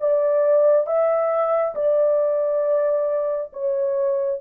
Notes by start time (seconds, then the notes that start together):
0.00 D5
0.86 E5
1.75 D5
3.53 C#5